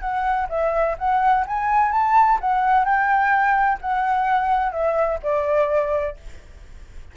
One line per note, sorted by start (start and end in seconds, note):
0.00 0.47 F#5
0.49 0.96 E5
0.98 1.45 F#5
1.46 1.91 G#5
1.91 2.38 A5
2.40 2.84 F#5
2.84 3.78 G5
3.81 4.72 F#5
4.72 5.18 E5
5.22 6.16 D5